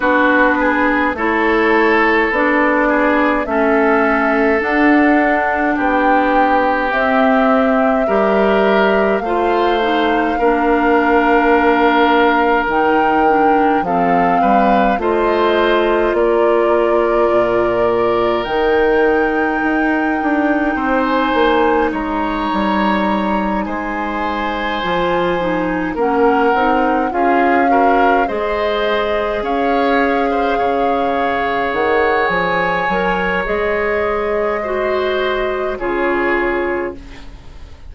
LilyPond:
<<
  \new Staff \with { instrumentName = "flute" } { \time 4/4 \tempo 4 = 52 b'4 cis''4 d''4 e''4 | fis''4 g''4 e''2 | f''2. g''4 | f''4 dis''4 d''2 |
g''2~ g''16 gis''8. ais''4~ | ais''8 gis''2 fis''4 f''8~ | f''8 dis''4 f''2 fis''8 | gis''4 dis''2 cis''4 | }
  \new Staff \with { instrumentName = "oboe" } { \time 4/4 fis'8 gis'8 a'4. gis'8 a'4~ | a'4 g'2 ais'4 | c''4 ais'2. | a'8 b'8 c''4 ais'2~ |
ais'2 c''4 cis''4~ | cis''8 c''2 ais'4 gis'8 | ais'8 c''4 cis''8. c''16 cis''4.~ | cis''2 c''4 gis'4 | }
  \new Staff \with { instrumentName = "clarinet" } { \time 4/4 d'4 e'4 d'4 cis'4 | d'2 c'4 g'4 | f'8 dis'8 d'2 dis'8 d'8 | c'4 f'2. |
dis'1~ | dis'4. f'8 dis'8 cis'8 dis'8 f'8 | fis'8 gis'2.~ gis'8~ | gis'8 ais'8 gis'4 fis'4 f'4 | }
  \new Staff \with { instrumentName = "bassoon" } { \time 4/4 b4 a4 b4 a4 | d'4 b4 c'4 g4 | a4 ais2 dis4 | f8 g8 a4 ais4 ais,4 |
dis4 dis'8 d'8 c'8 ais8 gis8 g8~ | g8 gis4 f4 ais8 c'8 cis'8~ | cis'8 gis4 cis'4 cis4 dis8 | f8 fis8 gis2 cis4 | }
>>